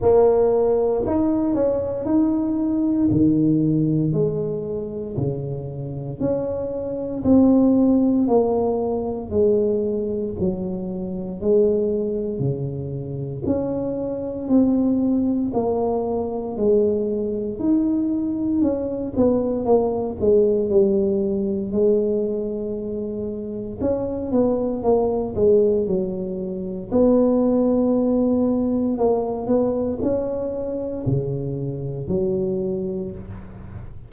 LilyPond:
\new Staff \with { instrumentName = "tuba" } { \time 4/4 \tempo 4 = 58 ais4 dis'8 cis'8 dis'4 dis4 | gis4 cis4 cis'4 c'4 | ais4 gis4 fis4 gis4 | cis4 cis'4 c'4 ais4 |
gis4 dis'4 cis'8 b8 ais8 gis8 | g4 gis2 cis'8 b8 | ais8 gis8 fis4 b2 | ais8 b8 cis'4 cis4 fis4 | }